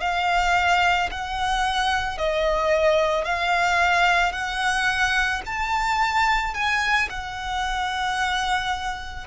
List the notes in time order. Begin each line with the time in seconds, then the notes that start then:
0.00 F5
1.11 F#5
2.17 D#5
3.24 F5
4.32 F#5
5.45 A5
6.54 G#5
7.09 F#5